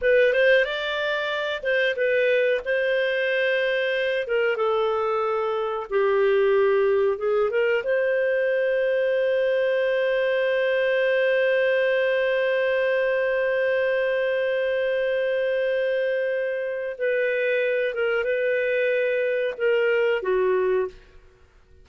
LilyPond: \new Staff \with { instrumentName = "clarinet" } { \time 4/4 \tempo 4 = 92 b'8 c''8 d''4. c''8 b'4 | c''2~ c''8 ais'8 a'4~ | a'4 g'2 gis'8 ais'8 | c''1~ |
c''1~ | c''1~ | c''2 b'4. ais'8 | b'2 ais'4 fis'4 | }